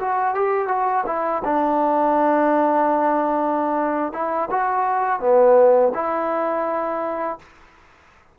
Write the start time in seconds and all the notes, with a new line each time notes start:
0.00 F#4
0.35 G4
0.68 F#4
1.06 E4
1.45 D4
4.13 E4
4.51 F#4
5.20 B3
5.94 E4